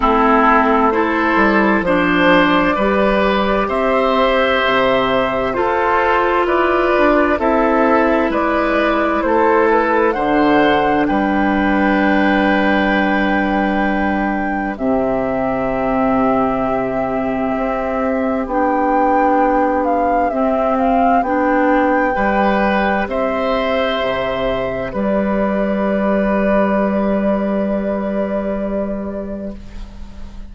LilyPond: <<
  \new Staff \with { instrumentName = "flute" } { \time 4/4 \tempo 4 = 65 a'4 c''4 d''2 | e''2 c''4 d''4 | e''4 d''4 c''8 b'8 fis''4 | g''1 |
e''1 | g''4. f''8 e''8 f''8 g''4~ | g''4 e''2 d''4~ | d''1 | }
  \new Staff \with { instrumentName = "oboe" } { \time 4/4 e'4 a'4 c''4 b'4 | c''2 a'4 b'4 | a'4 b'4 a'4 c''4 | b'1 |
g'1~ | g'1 | b'4 c''2 b'4~ | b'1 | }
  \new Staff \with { instrumentName = "clarinet" } { \time 4/4 c'4 e'4 d'4 g'4~ | g'2 f'2 | e'2. d'4~ | d'1 |
c'1 | d'2 c'4 d'4 | g'1~ | g'1 | }
  \new Staff \with { instrumentName = "bassoon" } { \time 4/4 a4. g8 f4 g4 | c'4 c4 f'4 e'8 d'8 | c'4 gis4 a4 d4 | g1 |
c2. c'4 | b2 c'4 b4 | g4 c'4 c4 g4~ | g1 | }
>>